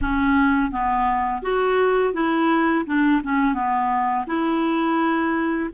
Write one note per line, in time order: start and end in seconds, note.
0.01 0.71 C#4
0.71 1.42 B3
1.42 2.13 F#4
2.13 2.85 E4
2.86 3.21 D4
3.23 3.54 C#4
3.54 4.25 B3
4.27 5.69 E4